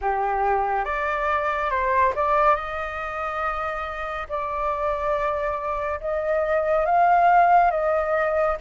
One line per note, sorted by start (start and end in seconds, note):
0.01 0.85 G4
0.85 1.70 D5
1.70 2.13 C5
2.15 2.55 D5
2.55 4.27 D#5
4.28 6.00 D5
6.00 6.85 D#5
6.85 7.71 F5
7.71 8.56 D#5